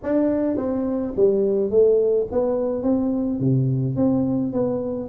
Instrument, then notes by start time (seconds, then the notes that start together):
tuba
0.03 D4
0.57 C4
1.16 G3
1.70 A3
2.31 B3
2.83 C4
3.39 C3
3.96 C4
4.53 B3